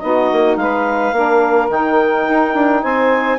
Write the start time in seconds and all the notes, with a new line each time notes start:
0.00 B3 D#4 F#4 D#5
0.32 A#3
0.56 G#3 B4 F5
1.12 A#3 D4 A#4
1.69 D#3 D#4 G5
2.29 D#4
2.55 D4
2.83 C4 C5 G#5